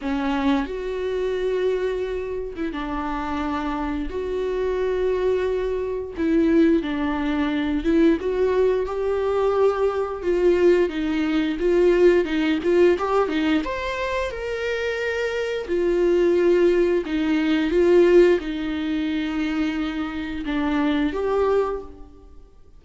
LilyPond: \new Staff \with { instrumentName = "viola" } { \time 4/4 \tempo 4 = 88 cis'4 fis'2~ fis'8. e'16 | d'2 fis'2~ | fis'4 e'4 d'4. e'8 | fis'4 g'2 f'4 |
dis'4 f'4 dis'8 f'8 g'8 dis'8 | c''4 ais'2 f'4~ | f'4 dis'4 f'4 dis'4~ | dis'2 d'4 g'4 | }